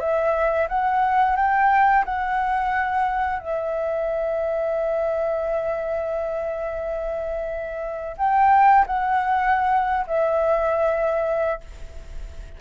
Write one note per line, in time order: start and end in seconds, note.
0.00 0.68 E5
0.68 1.37 F#5
1.37 2.05 G5
2.05 3.39 F#5
3.39 8.17 E5
8.18 8.86 G5
8.87 10.06 F#5
10.07 11.61 E5